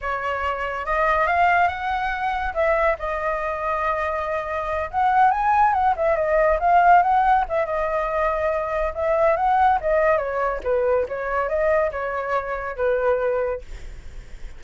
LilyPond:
\new Staff \with { instrumentName = "flute" } { \time 4/4 \tempo 4 = 141 cis''2 dis''4 f''4 | fis''2 e''4 dis''4~ | dis''2.~ dis''8 fis''8~ | fis''8 gis''4 fis''8 e''8 dis''4 f''8~ |
f''8 fis''4 e''8 dis''2~ | dis''4 e''4 fis''4 dis''4 | cis''4 b'4 cis''4 dis''4 | cis''2 b'2 | }